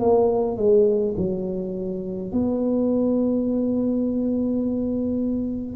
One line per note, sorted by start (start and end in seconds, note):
0.00 0.57 A#3
0.57 1.15 G#3
1.17 2.32 F#3
2.32 5.76 B3